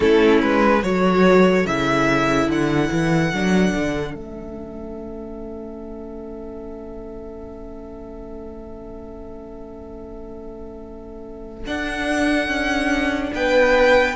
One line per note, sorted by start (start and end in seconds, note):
0.00 0.42 A3
0.00 0.81 C#4
0.00 0.83 E4
0.00 0.39 A4
0.41 0.83 G#3
0.41 0.83 B4
0.82 1.65 F#3
0.82 1.66 F#4
0.82 13.33 A4
0.82 1.66 C#5
1.65 2.48 C#3
1.65 3.33 E4
1.65 2.49 E5
2.48 2.89 D3
2.48 4.15 F#5
2.91 3.32 E3
3.32 3.74 F#3
3.32 4.14 D4
3.74 4.15 D3
4.14 11.65 A3
4.14 11.64 C#4
4.14 11.65 E5
11.65 14.15 D4
11.65 12.47 D4
11.65 13.33 F#5
12.47 13.30 C#4
13.33 14.15 B3
13.33 14.15 B4
13.33 14.15 G5